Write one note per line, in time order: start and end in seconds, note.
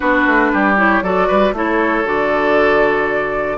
0.00 0.26 B3
0.00 0.76 D4
0.00 0.51 F#4
0.00 0.76 B4
0.26 0.52 A3
0.52 1.02 G3
0.52 1.03 G4
0.76 1.02 E4
0.76 1.02 C#5
1.02 1.28 F#3
1.02 1.54 F#4
1.02 1.27 A4
1.02 1.54 D5
1.27 1.52 G3
1.27 1.53 B4
1.52 2.04 A3
1.52 2.04 E4
1.52 3.57 A4
1.52 2.07 C#5
2.04 3.57 D3
2.04 3.57 F#4
2.04 3.57 D5